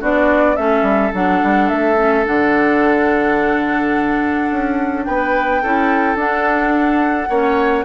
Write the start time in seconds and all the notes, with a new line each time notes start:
0.00 B3 D4 F#4 D5
0.56 A3 C#4 A4 E5
0.82 G3
1.13 F#3 D4 F#5
1.43 G3
1.68 A3 E5
1.96 C#4
2.25 D3 D4 F#5
4.50 C#4
5.04 B3 B4 G5
5.62 C#4 E4 A4
6.15 D4 F#5
7.29 A#3 C#4 C#5